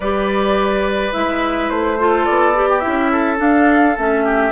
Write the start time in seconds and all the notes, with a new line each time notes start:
0.00 G3 G4 B4 D5
1.12 G#3 E4 E5
1.69 A3 C5
1.98 F4 A4
2.25 B3 D5
2.54 G4
2.69 G4
2.79 E4 E5
2.86 C#4
3.11 A4
3.37 D4 F5
3.97 A3 C#4 E5
4.24 G4